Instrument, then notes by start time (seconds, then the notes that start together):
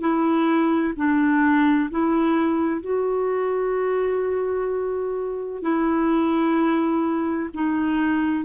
clarinet
0.00 E4
0.96 D4
1.91 E4
2.81 F#4
5.62 E4
7.54 D#4